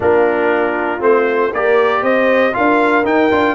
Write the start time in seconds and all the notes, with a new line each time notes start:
0.00 A#3 D4 F4 A#4
0.99 A3 C4 C5
1.53 A#3 G4 A#4 D5
2.02 C4 C5 D#5
2.52 D4 F4 A#4 F5
3.04 D#4 G5
3.31 D4 F4